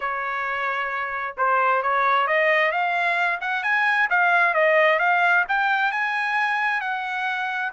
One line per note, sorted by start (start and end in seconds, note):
0.00 1.36 C#5
1.37 1.82 C5
1.82 2.27 C#5
2.27 2.71 D#5
2.71 3.39 F5
3.40 3.63 F#5
3.63 4.08 G#5
4.10 4.54 F5
4.54 4.99 D#5
4.99 5.44 F5
5.48 5.91 G5
5.91 6.81 G#5
6.81 7.71 F#5